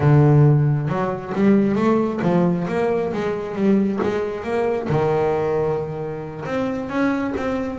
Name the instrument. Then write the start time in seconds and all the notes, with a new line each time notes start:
double bass
0.00 D3
0.88 F#3
1.34 G3
1.75 A3
2.22 F3
2.68 A#3
3.13 G#3
3.55 G3
4.02 G#3
4.43 A#3
4.89 D#3
6.45 C4
6.89 C#4
7.36 C4